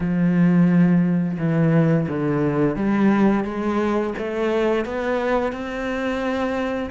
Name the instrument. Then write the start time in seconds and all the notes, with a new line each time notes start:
cello
0.00 F3
1.38 E3
2.08 D3
2.76 G3
3.44 G#3
4.18 A3
4.85 B3
5.52 C4